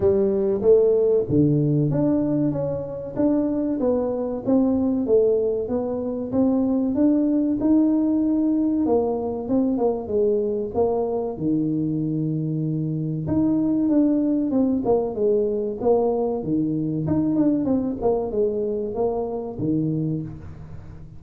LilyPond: \new Staff \with { instrumentName = "tuba" } { \time 4/4 \tempo 4 = 95 g4 a4 d4 d'4 | cis'4 d'4 b4 c'4 | a4 b4 c'4 d'4 | dis'2 ais4 c'8 ais8 |
gis4 ais4 dis2~ | dis4 dis'4 d'4 c'8 ais8 | gis4 ais4 dis4 dis'8 d'8 | c'8 ais8 gis4 ais4 dis4 | }